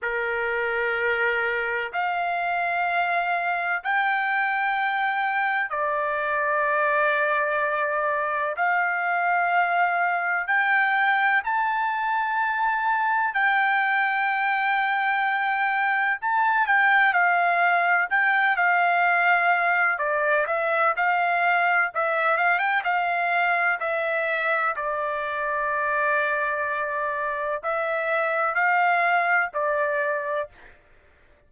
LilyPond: \new Staff \with { instrumentName = "trumpet" } { \time 4/4 \tempo 4 = 63 ais'2 f''2 | g''2 d''2~ | d''4 f''2 g''4 | a''2 g''2~ |
g''4 a''8 g''8 f''4 g''8 f''8~ | f''4 d''8 e''8 f''4 e''8 f''16 g''16 | f''4 e''4 d''2~ | d''4 e''4 f''4 d''4 | }